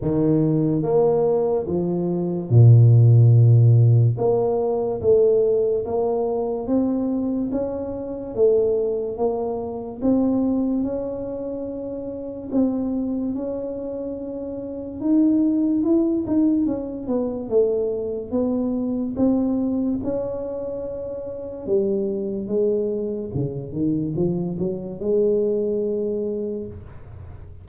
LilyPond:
\new Staff \with { instrumentName = "tuba" } { \time 4/4 \tempo 4 = 72 dis4 ais4 f4 ais,4~ | ais,4 ais4 a4 ais4 | c'4 cis'4 a4 ais4 | c'4 cis'2 c'4 |
cis'2 dis'4 e'8 dis'8 | cis'8 b8 a4 b4 c'4 | cis'2 g4 gis4 | cis8 dis8 f8 fis8 gis2 | }